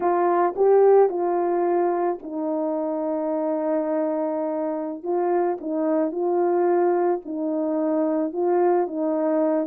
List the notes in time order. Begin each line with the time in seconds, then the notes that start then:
0.00 F4
0.56 G4
1.09 F4
2.22 D#4
5.03 F4
5.60 D#4
6.11 F4
7.25 D#4
8.33 F4
8.87 D#4